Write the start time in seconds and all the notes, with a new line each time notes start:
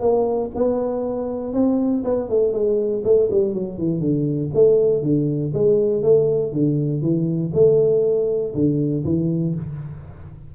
0.00 A#3
0.55 B3
1.53 C4
2.04 B3
2.29 A3
2.52 G#3
3.04 A3
3.30 G3
3.53 F#3
3.78 E3
4.00 D3
4.54 A3
5.02 D3
5.53 G#3
6.02 A3
6.52 D3
7.02 E3
7.54 A3
8.54 D3
9.05 E3